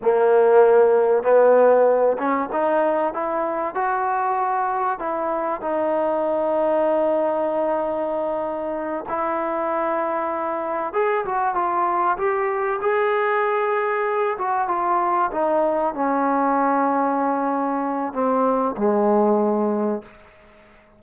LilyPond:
\new Staff \with { instrumentName = "trombone" } { \time 4/4 \tempo 4 = 96 ais2 b4. cis'8 | dis'4 e'4 fis'2 | e'4 dis'2.~ | dis'2~ dis'8 e'4.~ |
e'4. gis'8 fis'8 f'4 g'8~ | g'8 gis'2~ gis'8 fis'8 f'8~ | f'8 dis'4 cis'2~ cis'8~ | cis'4 c'4 gis2 | }